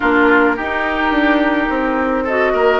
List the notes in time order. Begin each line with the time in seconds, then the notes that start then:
0.00 A#3 D4 F4 A#4
0.56 D#4 G4
1.11 D4
1.69 C4
2.23 F#4 A4 D#5
2.53 A#3 A#4